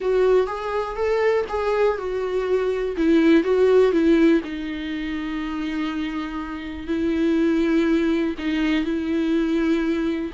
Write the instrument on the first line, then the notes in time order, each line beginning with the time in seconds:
viola
0.00 F#4
0.46 G#4
0.96 A4
1.48 G#4
1.97 F#4
2.96 E4
3.43 F#4
3.92 E4
4.44 D#4
6.87 E4
8.38 D#4
8.84 E4